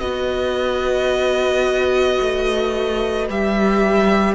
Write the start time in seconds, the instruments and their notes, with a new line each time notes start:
0.00 cello B3, viola F#4, violin B4 D#5
2.21 cello A3
3.29 cello G3, viola G4, violin E5